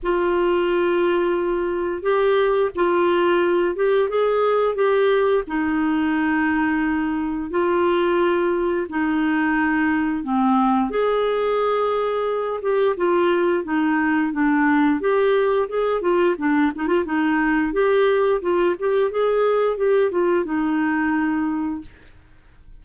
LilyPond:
\new Staff \with { instrumentName = "clarinet" } { \time 4/4 \tempo 4 = 88 f'2. g'4 | f'4. g'8 gis'4 g'4 | dis'2. f'4~ | f'4 dis'2 c'4 |
gis'2~ gis'8 g'8 f'4 | dis'4 d'4 g'4 gis'8 f'8 | d'8 dis'16 f'16 dis'4 g'4 f'8 g'8 | gis'4 g'8 f'8 dis'2 | }